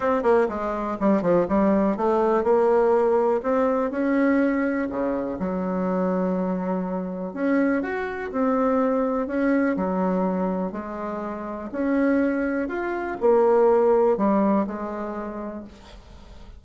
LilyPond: \new Staff \with { instrumentName = "bassoon" } { \time 4/4 \tempo 4 = 123 c'8 ais8 gis4 g8 f8 g4 | a4 ais2 c'4 | cis'2 cis4 fis4~ | fis2. cis'4 |
fis'4 c'2 cis'4 | fis2 gis2 | cis'2 f'4 ais4~ | ais4 g4 gis2 | }